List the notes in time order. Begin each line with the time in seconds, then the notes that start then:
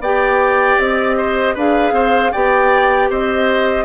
0.00 B3 G4 D5 G5
0.78 C4 D#5
1.17 C5
1.55 D4 G#4 B4 F5
1.92 C4 C5
2.32 B3 G4 D5 G5
3.10 C4 C5 D#5